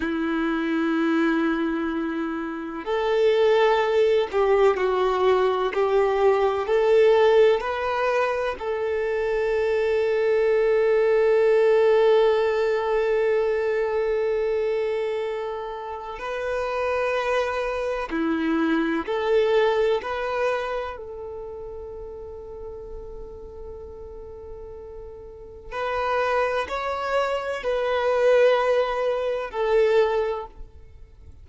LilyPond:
\new Staff \with { instrumentName = "violin" } { \time 4/4 \tempo 4 = 63 e'2. a'4~ | a'8 g'8 fis'4 g'4 a'4 | b'4 a'2.~ | a'1~ |
a'4 b'2 e'4 | a'4 b'4 a'2~ | a'2. b'4 | cis''4 b'2 a'4 | }